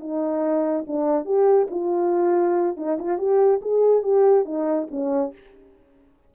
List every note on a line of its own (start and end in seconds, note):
0.00 0.85 D#4
0.87 1.25 D4
1.25 1.68 G4
1.70 2.76 F4
2.76 2.98 D#4
2.99 3.18 F4
3.18 3.60 G4
3.62 4.03 G#4
4.03 4.45 G4
4.45 4.88 D#4
4.91 5.33 C#4